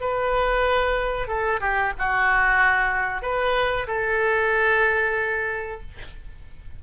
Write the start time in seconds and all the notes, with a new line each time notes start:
0.00 B4
1.28 A4
1.60 G4
1.98 F#4
3.22 B4
3.87 A4